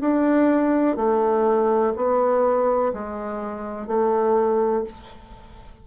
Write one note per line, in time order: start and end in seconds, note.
0.00 0.96 D4
0.96 1.93 A3
1.96 2.93 B3
2.93 3.87 G#3
3.87 4.83 A3